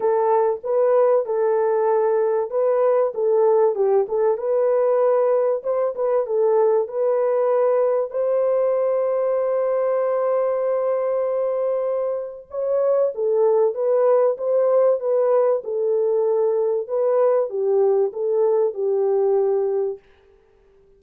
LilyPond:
\new Staff \with { instrumentName = "horn" } { \time 4/4 \tempo 4 = 96 a'4 b'4 a'2 | b'4 a'4 g'8 a'8 b'4~ | b'4 c''8 b'8 a'4 b'4~ | b'4 c''2.~ |
c''1 | cis''4 a'4 b'4 c''4 | b'4 a'2 b'4 | g'4 a'4 g'2 | }